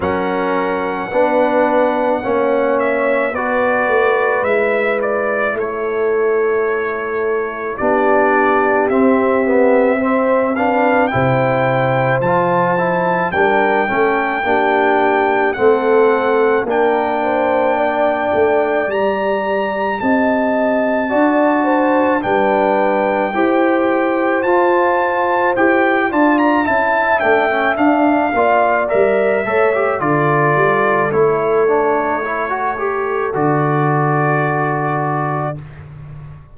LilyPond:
<<
  \new Staff \with { instrumentName = "trumpet" } { \time 4/4 \tempo 4 = 54 fis''2~ fis''8 e''8 d''4 | e''8 d''8 cis''2 d''4 | e''4. f''8 g''4 a''4 | g''2 fis''4 g''4~ |
g''4 ais''4 a''2 | g''2 a''4 g''8 a''16 ais''16 | a''8 g''8 f''4 e''4 d''4 | cis''2 d''2 | }
  \new Staff \with { instrumentName = "horn" } { \time 4/4 ais'4 b'4 cis''4 b'4~ | b'4 a'2 g'4~ | g'4 c''8 b'8 c''2 | ais'8 a'8 g'4 a'4 ais'8 c''8 |
d''2 dis''4 d''8 c''8 | b'4 c''2~ c''8 d''8 | e''4. d''4 cis''8 a'4~ | a'1 | }
  \new Staff \with { instrumentName = "trombone" } { \time 4/4 cis'4 d'4 cis'4 fis'4 | e'2. d'4 | c'8 b8 c'8 d'8 e'4 f'8 e'8 | d'8 cis'8 d'4 c'4 d'4~ |
d'4 g'2 fis'4 | d'4 g'4 f'4 g'8 f'8 | e'8 d'16 cis'16 d'8 f'8 ais'8 a'16 g'16 f'4 | e'8 d'8 e'16 fis'16 g'8 fis'2 | }
  \new Staff \with { instrumentName = "tuba" } { \time 4/4 fis4 b4 ais4 b8 a8 | gis4 a2 b4 | c'2 c4 f4 | g8 a8 ais4 a4 ais4~ |
ais8 a8 g4 c'4 d'4 | g4 e'4 f'4 e'8 d'8 | cis'8 a8 d'8 ais8 g8 a8 d8 g8 | a2 d2 | }
>>